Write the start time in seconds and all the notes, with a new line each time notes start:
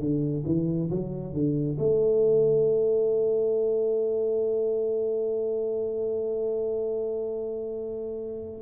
0.00 D3
0.46 E3
0.91 F#3
1.34 D3
1.78 A3